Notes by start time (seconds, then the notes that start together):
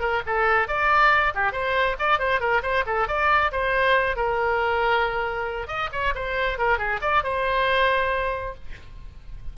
0.00 A#4
0.26 A4
0.68 D5
1.35 G4
1.52 C5
1.99 D5
2.19 C5
2.40 A#4
2.63 C5
2.86 A4
3.08 D5
3.52 C5
4.16 A#4
5.68 D#5
5.92 C#5
6.15 C5
6.58 A#4
6.78 G#4
7.02 D5
7.24 C5